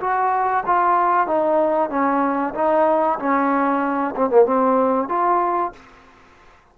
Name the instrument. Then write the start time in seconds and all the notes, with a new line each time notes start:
trombone
0.00 F#4
0.66 F4
1.27 D#4
1.90 C#4
2.55 D#4
3.19 C#4
4.16 C4
4.30 A#3
4.45 C4
5.09 F4